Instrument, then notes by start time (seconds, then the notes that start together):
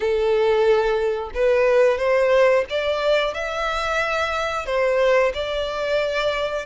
violin
0.00 A4
1.34 B4
1.98 C5
2.69 D5
3.34 E5
4.65 C5
5.33 D5